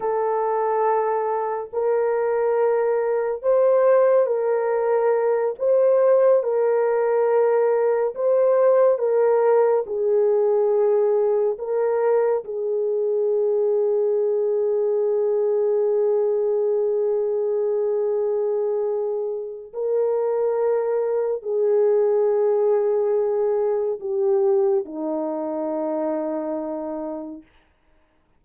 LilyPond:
\new Staff \with { instrumentName = "horn" } { \time 4/4 \tempo 4 = 70 a'2 ais'2 | c''4 ais'4. c''4 ais'8~ | ais'4. c''4 ais'4 gis'8~ | gis'4. ais'4 gis'4.~ |
gis'1~ | gis'2. ais'4~ | ais'4 gis'2. | g'4 dis'2. | }